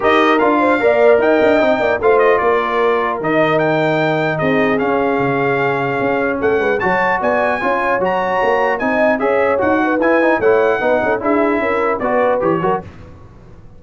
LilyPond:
<<
  \new Staff \with { instrumentName = "trumpet" } { \time 4/4 \tempo 4 = 150 dis''4 f''2 g''4~ | g''4 f''8 dis''8 d''2 | dis''4 g''2 dis''4 | f''1 |
fis''4 a''4 gis''2 | ais''2 gis''4 e''4 | fis''4 gis''4 fis''2 | e''2 d''4 cis''4 | }
  \new Staff \with { instrumentName = "horn" } { \time 4/4 ais'4. c''8 d''4 dis''4~ | dis''8 d''8 c''4 ais'2~ | ais'2. gis'4~ | gis'1 |
a'8 b'8 cis''4 d''4 cis''4~ | cis''2 dis''4 cis''4~ | cis''8 b'4. cis''4 b'8 a'8 | gis'4 ais'4 b'4. ais'8 | }
  \new Staff \with { instrumentName = "trombone" } { \time 4/4 g'4 f'4 ais'2 | dis'4 f'2. | dis'1 | cis'1~ |
cis'4 fis'2 f'4 | fis'2 dis'4 gis'4 | fis'4 e'8 dis'8 e'4 dis'4 | e'2 fis'4 g'8 fis'8 | }
  \new Staff \with { instrumentName = "tuba" } { \time 4/4 dis'4 d'4 ais4 dis'8 d'8 | c'8 ais8 a4 ais2 | dis2. c'4 | cis'4 cis2 cis'4 |
a8 gis8 fis4 b4 cis'4 | fis4 ais4 c'4 cis'4 | dis'4 e'4 a4 b8 cis'8 | d'4 cis'4 b4 e8 fis8 | }
>>